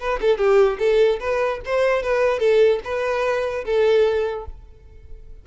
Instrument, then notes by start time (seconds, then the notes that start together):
violin
0.00 B4
0.21 A4
0.38 G4
0.79 A4
1.20 B4
1.65 C5
2.03 B4
2.40 A4
2.84 B4
3.65 A4